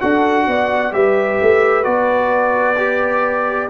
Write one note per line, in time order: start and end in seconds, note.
0.00 0.47 D4
0.00 0.92 F#4
0.00 0.46 A4
0.00 0.93 F#5
0.47 0.92 B3
0.47 0.94 D5
0.92 1.38 G3
0.92 1.83 G4
0.92 3.70 B4
0.92 1.84 E5
1.42 1.86 A3
1.83 3.70 B3
1.83 2.76 F#4
1.83 3.69 D5
2.78 3.70 G4